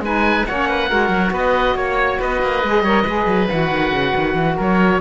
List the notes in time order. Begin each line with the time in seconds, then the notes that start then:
0.00 G#3 D#4 B4 G#5
0.46 A#3 C#4 C#5 F#5
0.69 B4
0.89 G#3 F#4 A#4
1.09 F#3
1.31 B3 B4 D#5
1.75 A#3 C#5
2.19 B3 B4 D#5
2.42 A#3
2.64 G#3 G#4
2.82 G3 A#4 C#5
3.03 G#3 G#4 B4
3.26 F#3
3.49 E3 F#4 F#5
3.71 D#3
3.92 C#3
4.16 D#3
4.35 E3
4.56 F#3 A#4 C#5